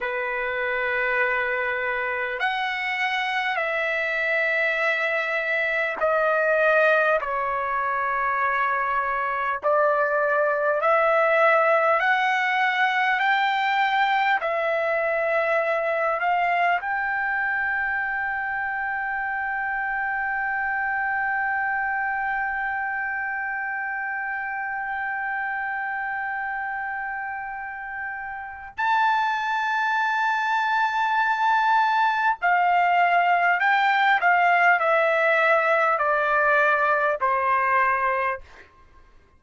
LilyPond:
\new Staff \with { instrumentName = "trumpet" } { \time 4/4 \tempo 4 = 50 b'2 fis''4 e''4~ | e''4 dis''4 cis''2 | d''4 e''4 fis''4 g''4 | e''4. f''8 g''2~ |
g''1~ | g''1 | a''2. f''4 | g''8 f''8 e''4 d''4 c''4 | }